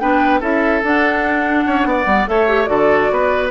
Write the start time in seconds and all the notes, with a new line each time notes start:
0.00 B3 D4 B4 G5
0.41 C#4 E4 A4 E5
0.83 D4 F#5
1.67 C#4 C#5
1.85 B3 D5
2.06 G3 B3
2.27 A3 A4 C#5 E5
2.48 G4
2.66 D3 F#4 A4 D5
3.11 B3 B4